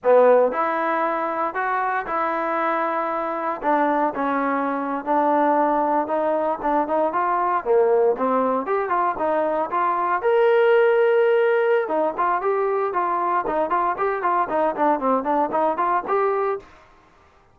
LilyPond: \new Staff \with { instrumentName = "trombone" } { \time 4/4 \tempo 4 = 116 b4 e'2 fis'4 | e'2. d'4 | cis'4.~ cis'16 d'2 dis'16~ | dis'8. d'8 dis'8 f'4 ais4 c'16~ |
c'8. g'8 f'8 dis'4 f'4 ais'16~ | ais'2. dis'8 f'8 | g'4 f'4 dis'8 f'8 g'8 f'8 | dis'8 d'8 c'8 d'8 dis'8 f'8 g'4 | }